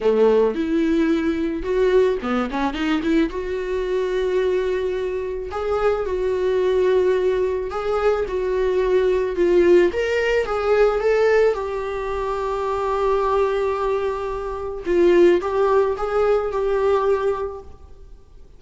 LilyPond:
\new Staff \with { instrumentName = "viola" } { \time 4/4 \tempo 4 = 109 a4 e'2 fis'4 | b8 cis'8 dis'8 e'8 fis'2~ | fis'2 gis'4 fis'4~ | fis'2 gis'4 fis'4~ |
fis'4 f'4 ais'4 gis'4 | a'4 g'2.~ | g'2. f'4 | g'4 gis'4 g'2 | }